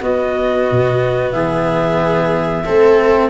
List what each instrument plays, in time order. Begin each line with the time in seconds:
0.00 cello B3, tuba B3, viola F#4, clarinet D#5
0.71 tuba B2
1.31 tuba E3, viola G#4, clarinet E5
2.64 tuba A3, cello C4, viola A4